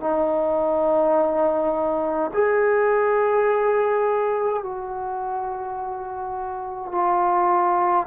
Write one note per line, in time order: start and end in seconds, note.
0.00 2.31 D#4
2.34 4.63 G#4
4.63 6.92 F#4
6.92 8.07 F4